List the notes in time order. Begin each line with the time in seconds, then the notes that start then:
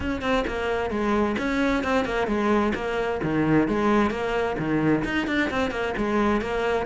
0.00 C#4
0.21 C4
0.47 A#3
0.90 G#3
1.38 C#4
1.83 C4
2.05 A#3
2.27 G#3
2.74 A#3
3.23 D#3
3.67 G#3
4.10 A#3
4.58 D#3
5.04 D#4
5.27 D4
5.50 C4
5.70 A#3
5.97 G#3
6.41 A#3